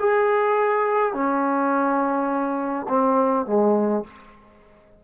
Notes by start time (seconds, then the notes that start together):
0.00 G#4
1.14 C#4
2.89 C4
3.46 G#3